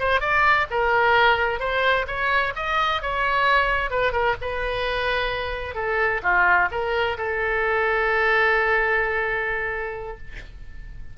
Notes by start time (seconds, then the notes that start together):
0.00 C5
0.21 D5
0.71 A#4
1.60 C5
2.07 C#5
2.56 D#5
3.02 C#5
3.90 B4
4.12 A#4
4.41 B4
5.75 A4
6.23 F4
6.72 A#4
7.18 A4